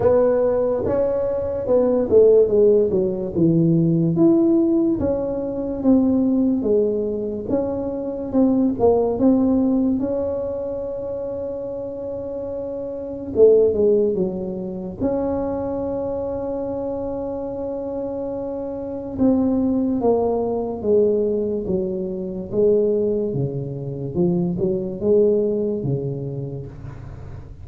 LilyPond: \new Staff \with { instrumentName = "tuba" } { \time 4/4 \tempo 4 = 72 b4 cis'4 b8 a8 gis8 fis8 | e4 e'4 cis'4 c'4 | gis4 cis'4 c'8 ais8 c'4 | cis'1 |
a8 gis8 fis4 cis'2~ | cis'2. c'4 | ais4 gis4 fis4 gis4 | cis4 f8 fis8 gis4 cis4 | }